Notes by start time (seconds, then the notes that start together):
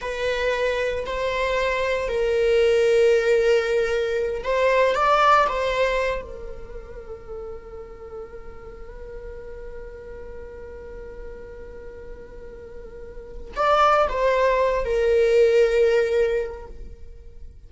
0.01 B4
1.06 C5
2.08 A#4
4.43 C5
4.95 D5
5.48 C5
6.22 A#4
13.55 D5
14.09 C5
14.84 A#4